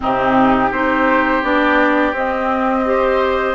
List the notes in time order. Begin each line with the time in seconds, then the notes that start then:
0.00 C3 C4 D#4 G4
0.70 C4 D#4 G4 C5
1.42 B3 D4 D5
2.12 C4 D#5
2.85 G4 C5